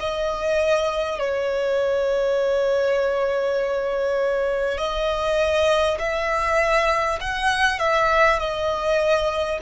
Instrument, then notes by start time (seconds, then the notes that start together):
violin
0.00 D#5
1.19 C#5
4.78 D#5
5.99 E5
7.21 F#5
7.79 E5
8.39 D#5